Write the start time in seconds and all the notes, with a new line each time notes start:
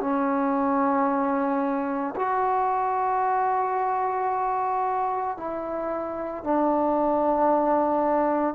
0.00 C#4
2.16 F#4
5.37 E4
6.44 D4